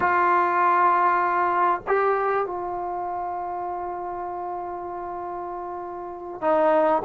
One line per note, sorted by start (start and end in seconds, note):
0.00 1.81 F4
1.87 2.45 G4
2.45 6.41 F4
6.41 7.02 D#4